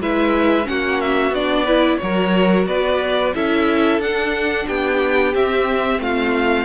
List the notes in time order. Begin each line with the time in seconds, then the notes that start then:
0.00 G#3 E4 B4 E5
0.64 A#3 C#4 F#4 F#5
1.01 E5
1.31 B3 D4 D5
1.64 E4 B4
1.97 F#3 F#4 A#4 C#5
2.67 B3 B4 D5
3.35 C#4 E4 A4 E5
3.99 D4 F#5
4.67 B3 G4 G5
5.35 C4 E5
6.00 A3 F4 F5